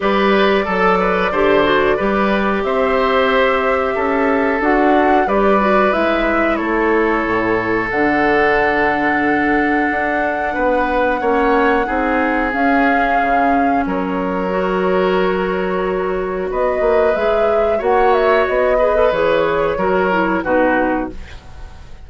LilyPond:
<<
  \new Staff \with { instrumentName = "flute" } { \time 4/4 \tempo 4 = 91 d''1 | e''2. fis''4 | d''4 e''4 cis''2 | fis''1~ |
fis''2. f''4~ | f''4 cis''2.~ | cis''4 dis''4 e''4 fis''8 e''8 | dis''4 cis''2 b'4 | }
  \new Staff \with { instrumentName = "oboe" } { \time 4/4 b'4 a'8 b'8 c''4 b'4 | c''2 a'2 | b'2 a'2~ | a'1 |
b'4 cis''4 gis'2~ | gis'4 ais'2.~ | ais'4 b'2 cis''4~ | cis''8 b'4. ais'4 fis'4 | }
  \new Staff \with { instrumentName = "clarinet" } { \time 4/4 g'4 a'4 g'8 fis'8 g'4~ | g'2. fis'4 | g'8 fis'8 e'2. | d'1~ |
d'4 cis'4 dis'4 cis'4~ | cis'2 fis'2~ | fis'2 gis'4 fis'4~ | fis'8 gis'16 a'16 gis'4 fis'8 e'8 dis'4 | }
  \new Staff \with { instrumentName = "bassoon" } { \time 4/4 g4 fis4 d4 g4 | c'2 cis'4 d'4 | g4 gis4 a4 a,4 | d2. d'4 |
b4 ais4 c'4 cis'4 | cis4 fis2.~ | fis4 b8 ais8 gis4 ais4 | b4 e4 fis4 b,4 | }
>>